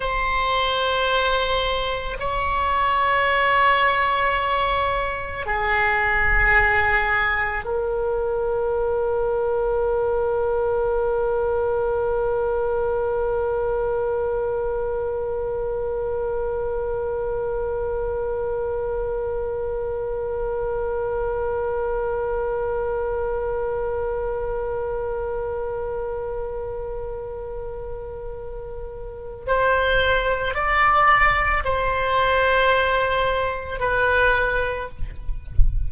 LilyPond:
\new Staff \with { instrumentName = "oboe" } { \time 4/4 \tempo 4 = 55 c''2 cis''2~ | cis''4 gis'2 ais'4~ | ais'1~ | ais'1~ |
ais'1~ | ais'1~ | ais'2. c''4 | d''4 c''2 b'4 | }